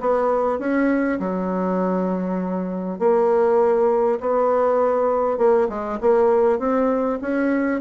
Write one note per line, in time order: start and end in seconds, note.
0.00 0.59 B3
0.59 1.19 C#4
1.19 2.99 F#3
2.99 4.19 A#3
4.20 5.38 B3
5.38 5.68 A#3
5.69 5.99 G#3
6.01 6.59 A#3
6.59 7.19 C4
7.21 7.81 C#4